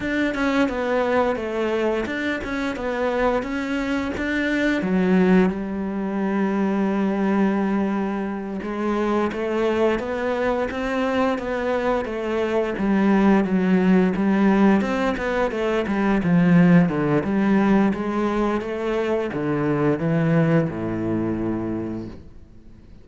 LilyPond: \new Staff \with { instrumentName = "cello" } { \time 4/4 \tempo 4 = 87 d'8 cis'8 b4 a4 d'8 cis'8 | b4 cis'4 d'4 fis4 | g1~ | g8 gis4 a4 b4 c'8~ |
c'8 b4 a4 g4 fis8~ | fis8 g4 c'8 b8 a8 g8 f8~ | f8 d8 g4 gis4 a4 | d4 e4 a,2 | }